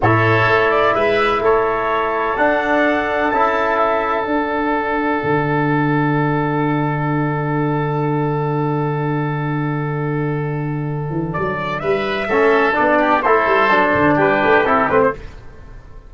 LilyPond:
<<
  \new Staff \with { instrumentName = "trumpet" } { \time 4/4 \tempo 4 = 127 cis''4. d''8 e''4 cis''4~ | cis''4 fis''2 a''4 | e''4 fis''2.~ | fis''1~ |
fis''1~ | fis''1 | d''4 e''2 d''4 | c''2 b'4 a'8 b'16 c''16 | }
  \new Staff \with { instrumentName = "oboe" } { \time 4/4 a'2 b'4 a'4~ | a'1~ | a'1~ | a'1~ |
a'1~ | a'1~ | a'4 b'4 a'4. g'8 | a'2 g'2 | }
  \new Staff \with { instrumentName = "trombone" } { \time 4/4 e'1~ | e'4 d'2 e'4~ | e'4 d'2.~ | d'1~ |
d'1~ | d'1~ | d'2 cis'4 d'4 | e'4 d'2 e'8 c'8 | }
  \new Staff \with { instrumentName = "tuba" } { \time 4/4 a,4 a4 gis4 a4~ | a4 d'2 cis'4~ | cis'4 d'2 d4~ | d1~ |
d1~ | d2.~ d8 e8 | fis4 g4 a4 b4 | a8 g8 fis8 d8 g8 a8 c'8 a8 | }
>>